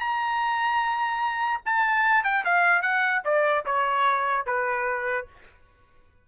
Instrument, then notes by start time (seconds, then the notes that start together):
trumpet
0.00 A#5
1.65 A5
2.24 G5
2.45 F5
2.82 F#5
3.25 D5
3.66 C#5
4.46 B4